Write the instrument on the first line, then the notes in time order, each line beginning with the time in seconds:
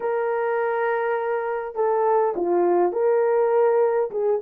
horn
0.00 A#4
1.75 A4
2.36 F4
2.92 A#4
4.10 G#4